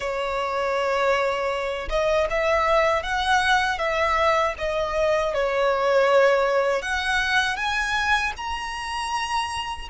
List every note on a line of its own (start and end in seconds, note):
0.00 1.88 C#5
1.89 2.27 D#5
2.30 3.02 E5
3.02 3.78 F#5
3.78 4.54 E5
4.58 5.34 D#5
5.34 6.81 C#5
6.81 7.56 F#5
7.56 8.32 G#5
8.36 9.88 A#5